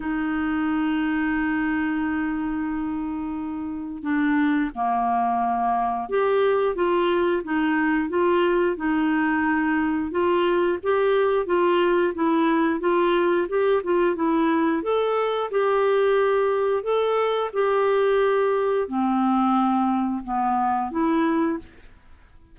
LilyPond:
\new Staff \with { instrumentName = "clarinet" } { \time 4/4 \tempo 4 = 89 dis'1~ | dis'2 d'4 ais4~ | ais4 g'4 f'4 dis'4 | f'4 dis'2 f'4 |
g'4 f'4 e'4 f'4 | g'8 f'8 e'4 a'4 g'4~ | g'4 a'4 g'2 | c'2 b4 e'4 | }